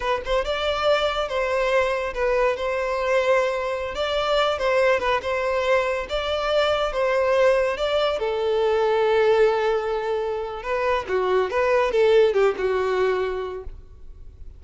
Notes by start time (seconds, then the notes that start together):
0.00 B4
0.25 C5
0.44 D5
1.28 C5
2.14 B4
2.56 C5
3.94 D5
4.58 C5
4.99 B4
5.21 C5
6.09 D5
6.92 C5
7.77 D5
8.19 A4
10.62 B4
11.08 F#4
11.50 B4
11.91 A4
12.33 G4
12.57 F#4